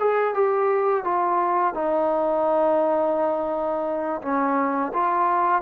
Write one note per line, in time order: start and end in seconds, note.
0.00 0.35 G#4
0.35 1.05 G4
1.05 1.75 F4
1.75 4.22 D#4
4.22 4.93 C#4
4.93 5.62 F4